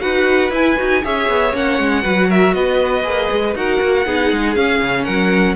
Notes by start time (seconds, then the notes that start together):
0.00 D#4 F#4 B4 F#5
0.51 E4 G#5
0.77 D#4 F#4
1.04 C#4 G#4 C#5 E5
1.28 B3
1.53 A#3 C#4 F#5
1.79 G#3
2.03 F#3 F#4 B4
2.30 A#4 E5
2.54 B3 B4 D#5
3.03 A#3 G#4
3.31 G#3
3.55 D#4 F#4 A#4 F#5
3.82 A#3
4.06 B3 D#4 G#4
4.32 G#3
4.56 C#4 F5
4.82 C#3
5.05 F#3 A#4 F#5